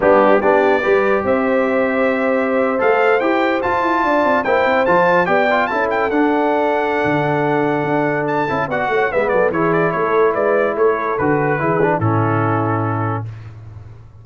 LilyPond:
<<
  \new Staff \with { instrumentName = "trumpet" } { \time 4/4 \tempo 4 = 145 g'4 d''2 e''4~ | e''2~ e''8. f''4 g''16~ | g''8. a''2 g''4 a''16~ | a''8. g''4 a''8 g''8 fis''4~ fis''16~ |
fis''1 | a''4 fis''4 e''8 d''8 cis''8 d''8 | cis''4 d''4 cis''4 b'4~ | b'4 a'2. | }
  \new Staff \with { instrumentName = "horn" } { \time 4/4 d'4 g'4 b'4 c''4~ | c''1~ | c''4.~ c''16 d''4 c''4~ c''16~ | c''8. d''4 a'2~ a'16~ |
a'1~ | a'4 d''8 cis''8 b'8 a'8 gis'4 | a'4 b'4 a'2 | gis'4 e'2. | }
  \new Staff \with { instrumentName = "trombone" } { \time 4/4 b4 d'4 g'2~ | g'2~ g'8. a'4 g'16~ | g'8. f'2 e'4 f'16~ | f'8. g'8 f'8 e'4 d'4~ d'16~ |
d'1~ | d'8 e'8 fis'4 b4 e'4~ | e'2. fis'4 | e'8 d'8 cis'2. | }
  \new Staff \with { instrumentName = "tuba" } { \time 4/4 g4 b4 g4 c'4~ | c'2~ c'8. a4 e'16~ | e'8. f'8 e'8 d'8 c'8 ais8 c'8 f16~ | f8. b4 cis'4 d'4~ d'16~ |
d'4 d2 d'4~ | d'8 cis'8 b8 a8 gis8 fis8 e4 | a4 gis4 a4 d4 | e4 a,2. | }
>>